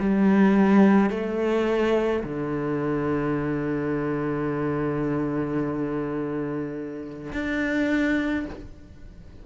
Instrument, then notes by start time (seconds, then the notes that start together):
cello
0.00 G3
1.11 A3
2.24 D3
7.33 D4